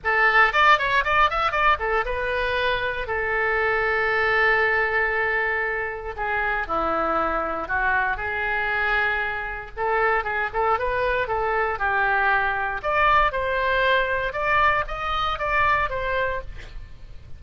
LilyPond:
\new Staff \with { instrumentName = "oboe" } { \time 4/4 \tempo 4 = 117 a'4 d''8 cis''8 d''8 e''8 d''8 a'8 | b'2 a'2~ | a'1 | gis'4 e'2 fis'4 |
gis'2. a'4 | gis'8 a'8 b'4 a'4 g'4~ | g'4 d''4 c''2 | d''4 dis''4 d''4 c''4 | }